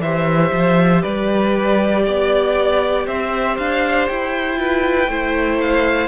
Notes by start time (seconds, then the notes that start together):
0.00 E3 G4 C5 E5
0.52 F3
1.02 G3 B4 D5
2.06 B3 D5
3.06 C4 C5 E5
3.57 D4 F5
4.08 E4 G5
4.56 F4 B4
5.08 A3 E4 C5
5.61 F5